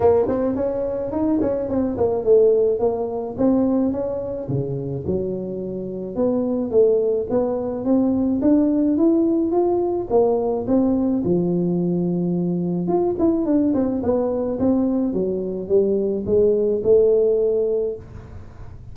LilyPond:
\new Staff \with { instrumentName = "tuba" } { \time 4/4 \tempo 4 = 107 ais8 c'8 cis'4 dis'8 cis'8 c'8 ais8 | a4 ais4 c'4 cis'4 | cis4 fis2 b4 | a4 b4 c'4 d'4 |
e'4 f'4 ais4 c'4 | f2. f'8 e'8 | d'8 c'8 b4 c'4 fis4 | g4 gis4 a2 | }